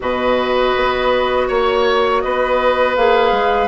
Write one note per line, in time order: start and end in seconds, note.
0.00 0.75 B2
0.00 2.96 F#4
0.00 1.48 B4
0.00 1.48 D#5
0.76 1.49 B3
1.48 2.23 A#3
1.48 2.22 C#5
1.48 2.21 C#5
2.21 2.96 B3
2.21 3.67 B4
2.21 2.95 D#5
2.95 3.31 A#3
2.95 3.67 G#4
2.95 3.67 F5
3.31 3.67 G#3